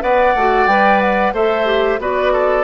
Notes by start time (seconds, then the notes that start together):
0.00 B3 B4 D5 F#5
0.34 A3 F#4
0.66 G3 B4 G5
1.00 F#5
1.33 A3 A4 C5 E5
1.65 G4
1.99 B3 F#4 B4 D5
2.32 A4